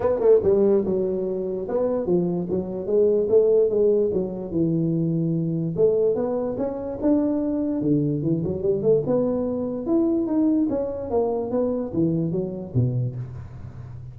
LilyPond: \new Staff \with { instrumentName = "tuba" } { \time 4/4 \tempo 4 = 146 b8 a8 g4 fis2 | b4 f4 fis4 gis4 | a4 gis4 fis4 e4~ | e2 a4 b4 |
cis'4 d'2 d4 | e8 fis8 g8 a8 b2 | e'4 dis'4 cis'4 ais4 | b4 e4 fis4 b,4 | }